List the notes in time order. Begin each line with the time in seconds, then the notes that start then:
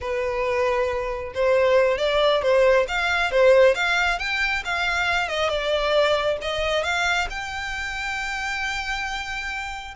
0.01 B4
1.34 C5
1.98 D5
2.42 C5
2.88 F5
3.31 C5
3.74 F5
4.19 G5
4.64 F5
5.28 D#5
5.49 D5
6.41 D#5
6.83 F5
7.30 G5